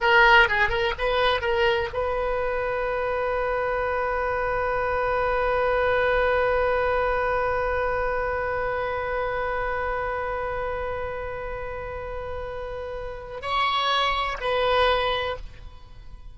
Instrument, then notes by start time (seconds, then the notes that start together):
oboe
0.00 A#4
0.48 G#4
0.69 A#4
0.98 B4
1.41 A#4
1.93 B4
13.41 C#5
14.40 B4